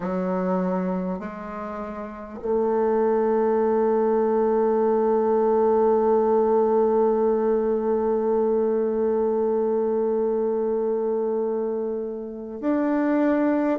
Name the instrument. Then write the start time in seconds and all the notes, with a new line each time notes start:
bassoon
0.00 F#3
1.19 G#3
2.42 A3
12.61 D4